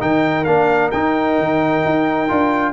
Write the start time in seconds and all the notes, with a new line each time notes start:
0.00 D#3 D#4 A#4 G5
0.44 A#3 D4 F5
0.91 D#4 G5
1.38 D#3
1.84 D#4
2.28 D4 F4